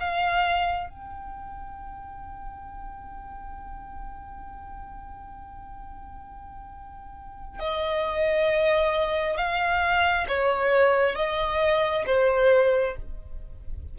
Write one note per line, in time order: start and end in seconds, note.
0.00 0.90 F5
0.90 7.60 G5
7.60 9.37 D#5
9.37 10.27 F5
10.29 11.16 C#5
11.16 12.05 D#5
12.07 12.96 C5